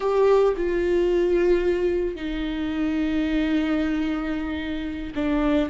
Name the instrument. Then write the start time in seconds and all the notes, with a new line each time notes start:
viola
0.00 G4
0.57 F4
2.15 D#4
5.15 D4